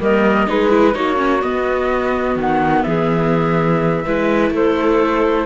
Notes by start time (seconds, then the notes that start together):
0.00 G3 A#3 A#4 D#5
0.47 G#3 D#4 G#4 B4
0.70 E4
0.94 A#3 D#4 F#4 C#5
1.17 C#4
1.42 B3 D#5
2.36 D#3 F#5
2.83 E3 G#4 E5
4.05 G#3 E4 B4
4.51 A3 A4 C5